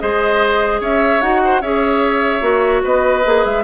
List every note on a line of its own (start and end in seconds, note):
0.00 0.81 G#3
0.00 1.22 G#4
0.00 0.81 C5
0.00 0.81 D#5
0.81 1.21 C#4
0.81 1.42 C#5
0.81 1.22 E5
1.22 1.62 D#4
1.22 1.62 F#4
1.22 1.62 F#5
1.45 1.61 C5
1.61 2.41 C#4
1.61 2.41 G#4
1.61 2.83 C#5
1.61 2.84 E5
2.41 2.82 A#3
2.41 3.22 F#4
2.83 3.26 B3
2.83 3.64 B4
2.83 3.45 D#5
3.25 3.46 A#3
3.25 3.64 G#4
3.45 3.64 G#3
3.45 3.64 E5